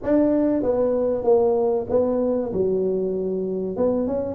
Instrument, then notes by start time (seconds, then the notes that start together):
tuba
0.02 D4
0.62 B3
1.23 A#3
1.89 B3
2.52 F#3
3.76 B3
4.07 C#4